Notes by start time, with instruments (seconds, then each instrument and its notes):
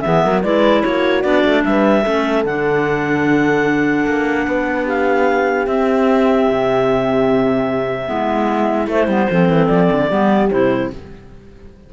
0.00 cello E3, clarinet B3 E5, horn G#4
0.23 cello F#3, horn A#4
0.42 cello G#3, clarinet E4 D5, horn B4
0.82 cello A#3, horn F#4, clarinet C#5
1.22 cello B3, clarinet D4 D5
1.44 cello A3
1.63 cello G3, horn B4, clarinet E5
2.02 cello A3, clarinet C#4, horn A4
2.44 cello D3, clarinet D4 F#5
4.06 cello A#3
4.47 cello B3, horn B4
4.84 horn G4, clarinet F5
5.66 cello C4, clarinet C4 E5
6.49 cello C3
8.06 cello G#3, clarinet B3, horn E4
8.87 cello A3, clarinet A3 C5
9.07 cello G3, clarinet B3
9.30 cello F3, clarinet C4, horn A4
9.48 cello E3
9.67 cello F3, clarinet D5
9.91 cello D3
10.08 cello G3, clarinet B3, horn G4
10.50 cello C3, clarinet E4 C5